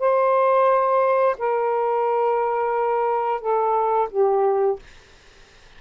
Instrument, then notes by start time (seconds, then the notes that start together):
saxophone
0.00 C5
1.39 A#4
3.41 A4
4.11 G4